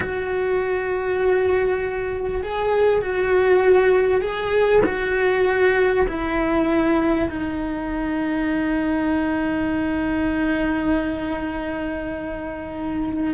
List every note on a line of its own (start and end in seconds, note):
0.00 2.41 F#4
2.42 3.01 G#4
3.01 4.21 F#4
4.21 4.81 G#4
4.85 6.06 F#4
6.08 7.29 E4
7.29 13.34 D#4